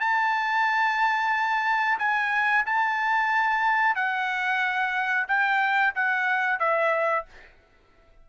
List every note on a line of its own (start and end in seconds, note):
0.00 1.98 A5
1.98 2.64 G#5
2.66 3.95 A5
3.95 5.27 F#5
5.27 5.93 G5
5.95 6.59 F#5
6.59 7.25 E5